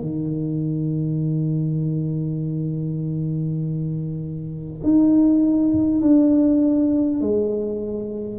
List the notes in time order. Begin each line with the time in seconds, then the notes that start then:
0.00 D#3
4.83 D#4
6.01 D4
7.21 G#3